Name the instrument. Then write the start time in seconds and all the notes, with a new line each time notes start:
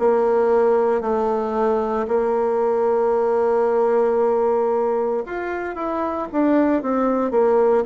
bassoon
0.00 A#3
1.01 A3
2.08 A#3
5.26 F4
5.76 E4
6.33 D4
6.82 C4
7.32 A#3